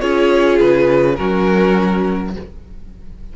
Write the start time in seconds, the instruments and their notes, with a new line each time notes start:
0.00 cello C#4, viola F4, violin G#4 C#5
0.60 cello C#3, violin B4
1.16 cello F#3, viola C#4, violin F#4 A#4